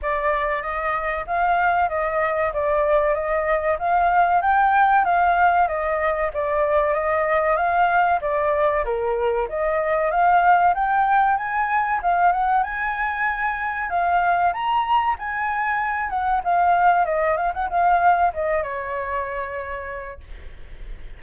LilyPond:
\new Staff \with { instrumentName = "flute" } { \time 4/4 \tempo 4 = 95 d''4 dis''4 f''4 dis''4 | d''4 dis''4 f''4 g''4 | f''4 dis''4 d''4 dis''4 | f''4 d''4 ais'4 dis''4 |
f''4 g''4 gis''4 f''8 fis''8 | gis''2 f''4 ais''4 | gis''4. fis''8 f''4 dis''8 f''16 fis''16 | f''4 dis''8 cis''2~ cis''8 | }